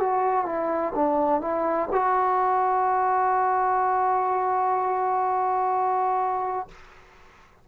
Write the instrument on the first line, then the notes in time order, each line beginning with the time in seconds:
trombone
0.00 F#4
0.46 E4
0.95 D4
1.41 E4
1.92 F#4